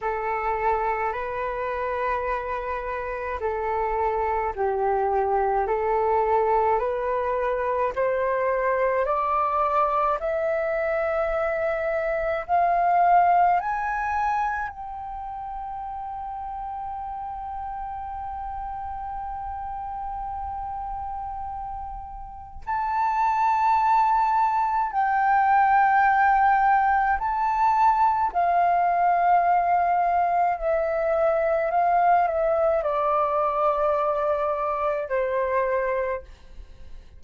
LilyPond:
\new Staff \with { instrumentName = "flute" } { \time 4/4 \tempo 4 = 53 a'4 b'2 a'4 | g'4 a'4 b'4 c''4 | d''4 e''2 f''4 | gis''4 g''2.~ |
g''1 | a''2 g''2 | a''4 f''2 e''4 | f''8 e''8 d''2 c''4 | }